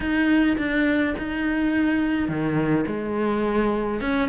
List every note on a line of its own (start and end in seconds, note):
0.00 0.56 D#4
0.57 1.14 D4
1.18 2.28 D#4
2.28 2.85 D#3
2.86 4.00 G#3
4.00 4.29 C#4